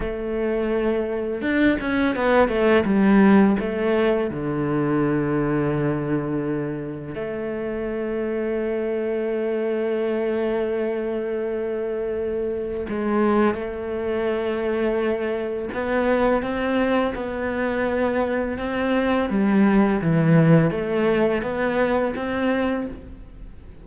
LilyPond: \new Staff \with { instrumentName = "cello" } { \time 4/4 \tempo 4 = 84 a2 d'8 cis'8 b8 a8 | g4 a4 d2~ | d2 a2~ | a1~ |
a2 gis4 a4~ | a2 b4 c'4 | b2 c'4 g4 | e4 a4 b4 c'4 | }